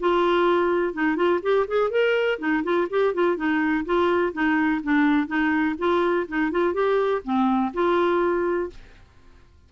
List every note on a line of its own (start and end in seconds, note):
0.00 0.94 F4
0.94 1.16 D#4
1.16 1.40 F4
1.42 1.66 G4
1.68 1.90 G#4
1.90 2.39 A#4
2.39 2.63 D#4
2.63 2.88 F4
2.90 3.14 G4
3.14 3.37 F4
3.37 3.85 D#4
3.85 4.33 F4
4.33 4.81 D#4
4.83 5.27 D4
5.27 5.76 D#4
5.78 6.27 F4
6.28 6.51 D#4
6.51 6.73 F4
6.73 7.22 G4
7.24 7.72 C4
7.73 8.70 F4